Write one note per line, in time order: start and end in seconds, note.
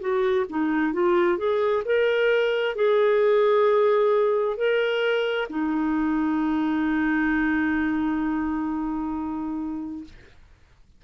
0.00 0.45 F#4
0.49 0.93 D#4
0.93 1.38 F4
1.38 1.83 G#4
1.85 2.75 A#4
2.75 4.57 G#4
4.57 5.48 A#4
5.50 10.04 D#4